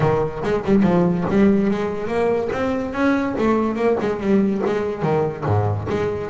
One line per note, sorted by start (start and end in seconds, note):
0.00 0.41 D#3
0.43 0.64 G#3
0.64 0.82 G3
0.82 1.24 F3
1.30 1.70 G3
1.70 2.07 G#3
2.07 2.49 A#3
2.52 2.93 C4
2.93 3.35 C#4
3.38 3.75 A3
3.75 3.96 A#3
4.00 4.20 G#3
4.20 4.62 G3
4.66 5.02 G#3
5.02 5.44 D#3
5.45 5.87 G#2
5.89 6.30 G#3